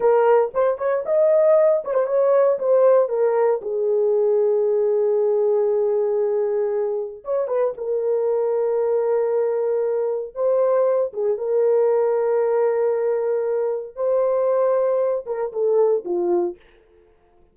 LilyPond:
\new Staff \with { instrumentName = "horn" } { \time 4/4 \tempo 4 = 116 ais'4 c''8 cis''8 dis''4. cis''16 c''16 | cis''4 c''4 ais'4 gis'4~ | gis'1~ | gis'2 cis''8 b'8 ais'4~ |
ais'1 | c''4. gis'8 ais'2~ | ais'2. c''4~ | c''4. ais'8 a'4 f'4 | }